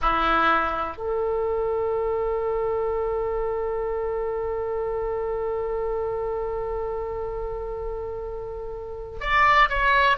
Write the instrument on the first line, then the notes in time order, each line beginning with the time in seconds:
oboe
0.01 E4
0.97 A4
9.20 D5
9.69 C#5